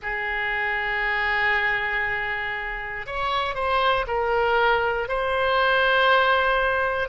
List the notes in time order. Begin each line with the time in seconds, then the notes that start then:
0.02 G#4
3.06 C#5
3.54 C5
4.07 A#4
5.08 C5